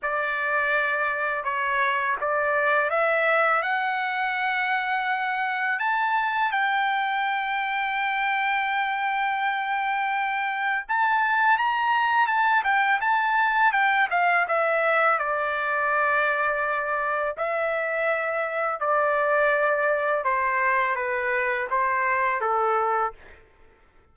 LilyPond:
\new Staff \with { instrumentName = "trumpet" } { \time 4/4 \tempo 4 = 83 d''2 cis''4 d''4 | e''4 fis''2. | a''4 g''2.~ | g''2. a''4 |
ais''4 a''8 g''8 a''4 g''8 f''8 | e''4 d''2. | e''2 d''2 | c''4 b'4 c''4 a'4 | }